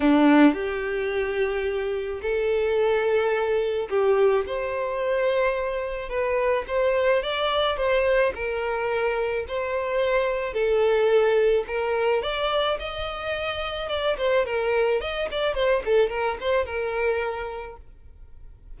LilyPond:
\new Staff \with { instrumentName = "violin" } { \time 4/4 \tempo 4 = 108 d'4 g'2. | a'2. g'4 | c''2. b'4 | c''4 d''4 c''4 ais'4~ |
ais'4 c''2 a'4~ | a'4 ais'4 d''4 dis''4~ | dis''4 d''8 c''8 ais'4 dis''8 d''8 | c''8 a'8 ais'8 c''8 ais'2 | }